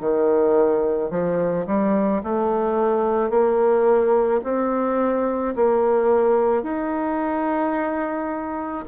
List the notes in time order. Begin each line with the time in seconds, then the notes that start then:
0.00 D#3
1.10 F3
1.66 G3
2.23 A3
3.30 A#3
4.43 C4
5.56 A#3
6.63 D#4